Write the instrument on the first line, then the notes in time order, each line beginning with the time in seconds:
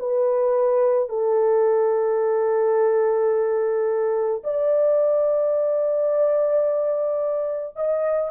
horn
0.00 B4
1.10 A4
4.44 D5
7.77 D#5